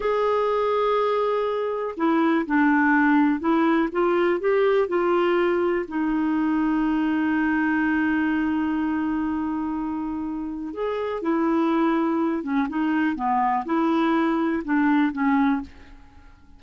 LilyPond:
\new Staff \with { instrumentName = "clarinet" } { \time 4/4 \tempo 4 = 123 gis'1 | e'4 d'2 e'4 | f'4 g'4 f'2 | dis'1~ |
dis'1~ | dis'2 gis'4 e'4~ | e'4. cis'8 dis'4 b4 | e'2 d'4 cis'4 | }